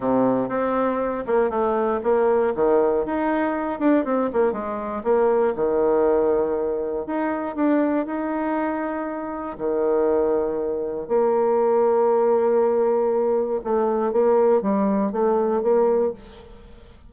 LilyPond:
\new Staff \with { instrumentName = "bassoon" } { \time 4/4 \tempo 4 = 119 c4 c'4. ais8 a4 | ais4 dis4 dis'4. d'8 | c'8 ais8 gis4 ais4 dis4~ | dis2 dis'4 d'4 |
dis'2. dis4~ | dis2 ais2~ | ais2. a4 | ais4 g4 a4 ais4 | }